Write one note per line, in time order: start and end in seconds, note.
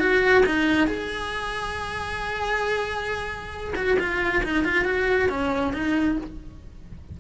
0.00 0.44 F#4
0.46 0.87 D#4
0.87 3.74 G#4
3.76 3.98 F#4
3.99 4.44 F4
4.44 4.65 D#4
4.65 4.85 F4
4.85 5.29 F#4
5.30 5.73 C#4
5.73 6.17 D#4